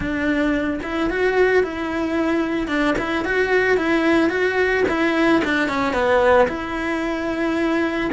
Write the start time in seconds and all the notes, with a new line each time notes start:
0.00 D4
0.83 E4
1.10 F#4
1.63 E4
2.67 D4
2.98 E4
3.24 F#4
3.77 E4
4.29 F#4
4.88 E4
5.44 D4
5.68 C#4
5.93 B3
6.48 E4